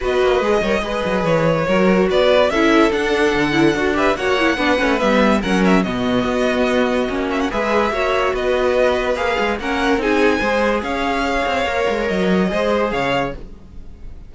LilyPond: <<
  \new Staff \with { instrumentName = "violin" } { \time 4/4 \tempo 4 = 144 dis''2. cis''4~ | cis''4 d''4 e''4 fis''4~ | fis''4. e''8 fis''2 | e''4 fis''8 e''8 dis''2~ |
dis''4. e''16 fis''16 e''2 | dis''2 f''4 fis''4 | gis''2 f''2~ | f''4 dis''2 f''4 | }
  \new Staff \with { instrumentName = "violin" } { \time 4/4 b'4. cis''8 b'2 | ais'4 b'4 a'2~ | a'4. b'8 cis''4 b'4~ | b'4 ais'4 fis'2~ |
fis'2 b'4 cis''4 | b'2. ais'4 | gis'4 c''4 cis''2~ | cis''2 c''4 cis''4 | }
  \new Staff \with { instrumentName = "viola" } { \time 4/4 fis'4 gis'8 ais'8 gis'2 | fis'2 e'4 d'4~ | d'8 e'8 fis'8 g'8 fis'8 e'8 d'8 cis'8 | b4 cis'4 b2~ |
b4 cis'4 gis'4 fis'4~ | fis'2 gis'4 cis'4 | dis'4 gis'2. | ais'2 gis'2 | }
  \new Staff \with { instrumentName = "cello" } { \time 4/4 b8 ais8 gis8 g8 gis8 fis8 e4 | fis4 b4 cis'4 d'4 | d4 d'4 ais4 b8 a8 | g4 fis4 b,4 b4~ |
b4 ais4 gis4 ais4 | b2 ais8 gis8 ais4 | c'4 gis4 cis'4. c'8 | ais8 gis8 fis4 gis4 cis4 | }
>>